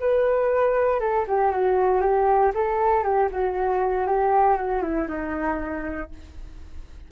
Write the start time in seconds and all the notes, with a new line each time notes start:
0.00 B4
1.00 A4
1.28 G4
1.52 F#4
2.02 G4
2.55 A4
3.04 G4
3.31 F#4
4.07 G4
4.57 F#4
4.82 E4
5.08 D#4